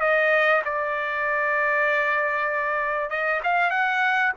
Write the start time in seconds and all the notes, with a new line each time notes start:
0.00 D#5
0.64 D5
3.10 D#5
3.43 F5
3.70 F#5